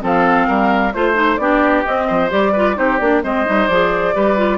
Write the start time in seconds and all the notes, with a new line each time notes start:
0.00 F3 C4 A4 F5
0.47 G3 A#4
0.93 A3 F4 C5
1.14 D#4
1.37 B3 D4 G4 D5
1.84 C4 D#5
2.07 F3 C5
2.29 G3 G4 D5
2.52 F4 B4
2.74 C4 D#4 G4 C5
2.98 A#3 D4 D5
3.22 G#3 C4 C5 D#5
3.45 G3 D#4
3.67 F3 G#4 D5
4.13 G3 G4 B4
4.36 F4